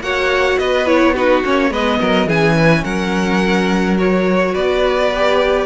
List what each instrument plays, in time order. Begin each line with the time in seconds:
0.00 cello A#3, viola F#4, violin C#5 F#5
0.58 cello B3, violin B4 D#5
0.86 viola E4, violin C#5
1.14 viola D#4, violin F#4 B4
1.44 cello A#3, viola C#4, violin C#5
1.70 cello G#3, viola B3, violin B4 D#5
2.00 cello F#3, violin A#4
2.26 cello E3, viola C#4, violin G#4 G#5
2.57 violin B4
2.83 cello F#3, violin A#4 F#5
3.98 viola F#4, violin C#5
4.53 cello B3, violin B4 D5
5.15 viola G4